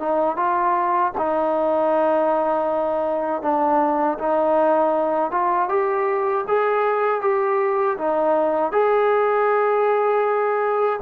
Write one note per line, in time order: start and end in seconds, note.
0.00 0.37 D#4
0.37 1.13 F4
1.18 3.42 D#4
3.42 4.18 D4
4.19 5.32 D#4
5.32 5.69 F4
5.69 6.45 G4
6.48 7.22 G#4
7.22 7.98 G4
7.99 8.73 D#4
8.73 11.01 G#4